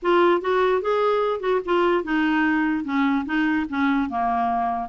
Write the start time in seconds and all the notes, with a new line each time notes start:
0.02 F4
0.41 F#4
0.81 G#4
1.40 F#4
1.65 F4
2.04 D#4
2.84 C#4
3.25 D#4
3.69 C#4
4.09 A#3